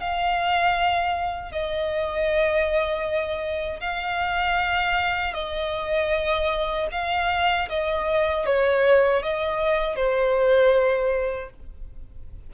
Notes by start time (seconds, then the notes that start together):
0.00 F5
1.52 D#5
3.80 F5
5.34 D#5
6.92 F5
7.69 D#5
8.46 C#5
9.23 D#5
9.96 C5